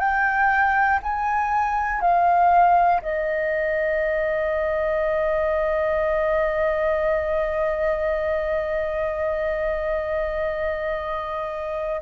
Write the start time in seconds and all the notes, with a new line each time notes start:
0.00 G5
1.03 G#5
2.02 F5
3.02 D#5